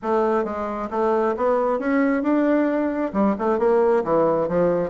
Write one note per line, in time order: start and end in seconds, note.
0.02 0.44 A3
0.44 0.89 G#3
0.90 1.35 A3
1.37 1.79 B3
1.79 2.22 C#4
2.22 3.12 D4
3.13 3.35 G3
3.38 3.59 A3
3.59 4.03 A#3
4.04 4.48 E3
4.48 4.90 F3